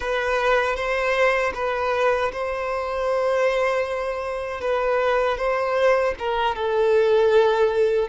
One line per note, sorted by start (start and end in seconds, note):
0.00 0.76 B4
0.76 1.52 C5
1.54 2.31 B4
2.32 4.60 C5
4.60 5.37 B4
5.37 6.14 C5
6.18 6.55 A#4
6.55 8.08 A4